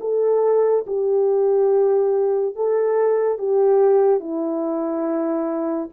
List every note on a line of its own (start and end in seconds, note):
0.00 0.85 A4
0.86 2.55 G4
2.55 3.38 A4
3.38 4.20 G4
4.20 5.89 E4